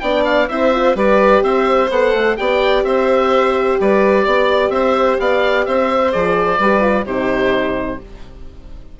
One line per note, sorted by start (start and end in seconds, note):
0.00 0.49 B3
0.00 0.50 D4
0.00 0.49 D5
0.00 0.23 G5
0.25 0.48 F5
0.48 0.95 C4
0.48 0.72 E4
0.48 0.96 C5
0.48 0.95 E5
0.72 0.95 F4
0.95 1.42 G3
0.95 1.89 G4
0.95 1.43 B4
0.95 1.43 D5
1.42 1.89 C4
1.42 2.37 C5
1.42 1.90 E5
1.90 2.13 B3
1.90 2.36 A4
1.90 2.37 F#5
2.13 2.36 A3
2.36 2.83 B3
2.36 6.11 G4
2.36 2.86 D5
2.36 2.83 G5
2.83 3.77 C4
2.83 3.80 C5
2.83 3.78 E5
3.80 4.26 G3
3.80 4.25 B4
3.80 4.70 D5
4.25 4.70 B3
4.25 4.72 D5
4.70 5.17 C4
4.70 5.21 C5
4.70 5.17 E5
5.19 5.66 B3
5.19 5.67 D5
5.19 5.65 F5
5.65 6.14 C4
5.65 6.58 C5
5.65 6.12 E5
6.11 6.59 F3
6.11 6.58 G#4
6.11 7.06 D5
6.58 7.05 G3
6.58 6.81 G4
6.58 7.05 B4
6.81 7.05 F4
7.05 7.99 C3
7.05 8.00 D#4
7.05 7.99 G4
7.05 8.00 C5